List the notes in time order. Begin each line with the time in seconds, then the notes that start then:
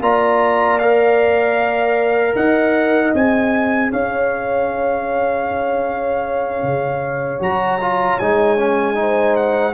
0.00 A#3 F4 D5 A#5
0.79 A#4 F5
2.35 D#4 D#5 F#5
3.14 C4 G#4 G#5
3.91 C#4 C#5 F5
6.63 C#3
7.39 F#3 F#4 A#5
7.81 F4
8.19 G#3 D#4 G#5
8.57 C#4
8.94 D#4 C5
9.36 F#5